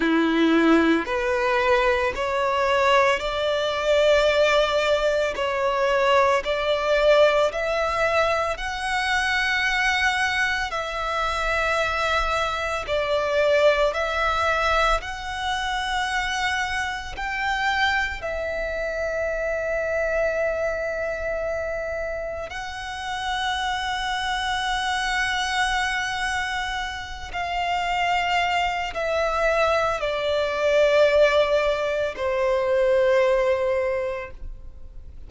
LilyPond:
\new Staff \with { instrumentName = "violin" } { \time 4/4 \tempo 4 = 56 e'4 b'4 cis''4 d''4~ | d''4 cis''4 d''4 e''4 | fis''2 e''2 | d''4 e''4 fis''2 |
g''4 e''2.~ | e''4 fis''2.~ | fis''4. f''4. e''4 | d''2 c''2 | }